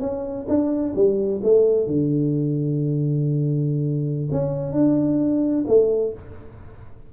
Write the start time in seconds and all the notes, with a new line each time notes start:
0.00 C#4
0.48 D4
0.95 G3
1.43 A3
1.87 D3
4.32 C#4
4.72 D4
5.67 A3